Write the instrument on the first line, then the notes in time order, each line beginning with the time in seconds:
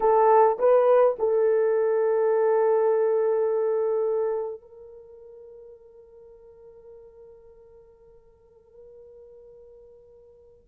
horn
0.00 A4
0.58 B4
1.18 A4
4.61 A#4